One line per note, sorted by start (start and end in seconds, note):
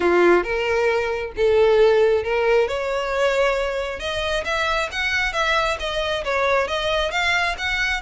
0.00 0.43 F4
0.43 1.32 A#4
1.36 2.23 A4
2.23 2.68 A#4
2.68 3.99 C#5
3.99 4.43 D#5
4.44 4.89 E5
4.91 5.33 F#5
5.33 5.77 E5
5.79 6.24 D#5
6.24 6.67 C#5
6.67 7.11 D#5
7.11 7.55 F5
7.58 8.01 F#5